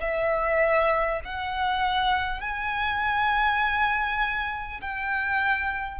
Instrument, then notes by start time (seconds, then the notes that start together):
violin
0.00 E5
1.24 F#5
2.41 G#5
4.81 G5